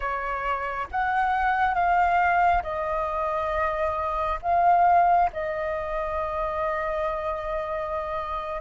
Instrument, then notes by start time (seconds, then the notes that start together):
flute
0.00 C#5
0.91 F#5
1.74 F5
2.62 D#5
4.42 F5
5.33 D#5